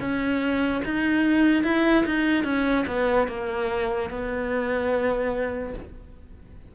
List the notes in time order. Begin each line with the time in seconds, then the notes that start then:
0.00 C#4
0.85 D#4
1.64 E4
2.05 D#4
2.44 C#4
2.87 B3
3.28 A#3
4.10 B3